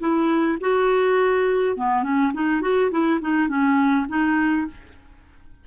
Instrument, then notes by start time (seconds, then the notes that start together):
clarinet
0.00 E4
0.61 F#4
1.77 B3
2.03 C#4
2.34 D#4
2.62 F#4
2.91 E4
3.21 D#4
3.48 C#4
4.09 D#4